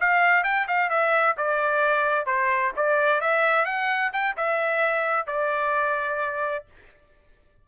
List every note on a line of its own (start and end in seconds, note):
0.00 0.44 F5
0.44 0.67 G5
0.68 0.90 F5
0.90 1.36 E5
1.37 2.26 D5
2.26 2.72 C5
2.76 3.21 D5
3.21 3.65 E5
3.65 4.11 F#5
4.13 4.36 G5
4.37 5.27 E5
5.27 6.65 D5